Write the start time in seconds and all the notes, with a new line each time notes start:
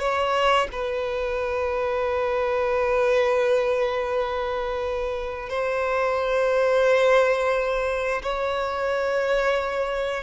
0.00 C#5
0.72 B4
5.49 C5
8.23 C#5